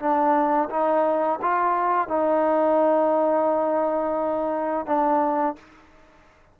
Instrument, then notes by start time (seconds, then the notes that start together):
trombone
0.00 D4
0.70 D#4
1.42 F4
2.09 D#4
4.86 D4